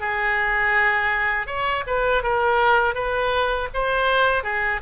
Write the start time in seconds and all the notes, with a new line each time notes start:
0.00 G#4
1.46 C#5
1.86 B4
2.23 A#4
2.94 B4
3.73 C5
4.43 G#4